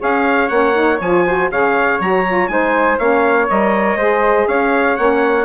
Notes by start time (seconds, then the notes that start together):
0.00 C#4 G#4 C#5 F5
0.49 A#3 C#4 F#5
0.75 D#4
1.01 F3 F4 G#5
1.26 F#4 C5
1.52 C#3 G#4 C#5 F5
2.00 F#3 F#4 A#5
2.28 F4
2.48 G#3 D#4 C5 G#5
2.99 A#3 C#4 C#5 F5
3.50 G3 A#4 D#5
3.96 G#3 G#4 C5
4.48 C#4 C#5 F5
4.97 A#3 C#4 F#5